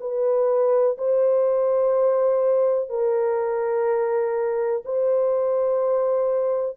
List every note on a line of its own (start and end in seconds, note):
0.00 0.97 B4
0.98 2.89 C5
2.89 4.83 A#4
4.85 6.77 C5